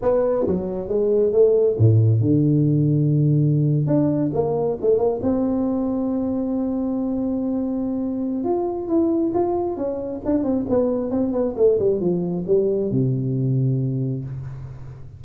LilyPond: \new Staff \with { instrumentName = "tuba" } { \time 4/4 \tempo 4 = 135 b4 fis4 gis4 a4 | a,4 d2.~ | d8. d'4 ais4 a8 ais8 c'16~ | c'1~ |
c'2. f'4 | e'4 f'4 cis'4 d'8 c'8 | b4 c'8 b8 a8 g8 f4 | g4 c2. | }